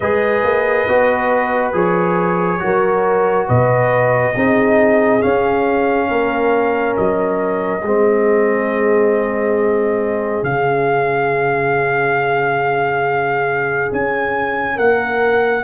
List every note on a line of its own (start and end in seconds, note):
0.00 0.44 G#3
0.00 0.88 G#4
0.00 2.60 B4
0.00 1.71 D#5
0.44 0.87 A#3
0.87 1.73 B3
0.87 1.73 F#4
1.73 2.60 F3
1.73 2.59 G#4
1.73 3.48 C#5
2.59 3.48 F#3
2.59 4.33 F#4
2.59 3.47 A#4
3.47 4.35 B2
3.47 4.34 B4
3.47 5.22 D#5
4.35 5.22 C4
4.35 5.20 D#4
4.35 6.08 G#4
5.20 7.81 C#4
5.20 6.09 C#4
5.20 6.95 F5
6.08 6.96 A#3
6.08 7.82 A#4
6.96 7.82 F#3
6.96 10.43 D#5
7.82 10.43 G#3
7.82 10.44 C4
7.82 14.75 G#4
10.43 13.91 C#3
10.43 15.64 C#4
10.43 13.91 F5
13.92 14.78 C#4
13.92 14.78 G#5
14.75 15.64 A#3
14.75 15.62 A#4
14.75 15.64 F#5